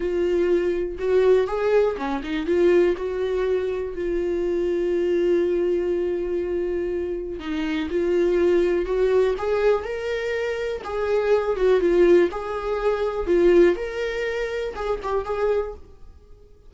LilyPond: \new Staff \with { instrumentName = "viola" } { \time 4/4 \tempo 4 = 122 f'2 fis'4 gis'4 | cis'8 dis'8 f'4 fis'2 | f'1~ | f'2. dis'4 |
f'2 fis'4 gis'4 | ais'2 gis'4. fis'8 | f'4 gis'2 f'4 | ais'2 gis'8 g'8 gis'4 | }